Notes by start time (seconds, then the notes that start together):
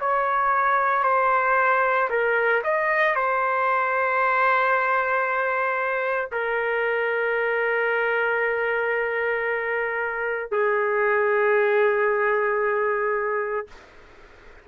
0.00 C#5
1.03 C5
2.10 A#4
2.63 D#5
3.15 C5
6.31 A#4
10.51 G#4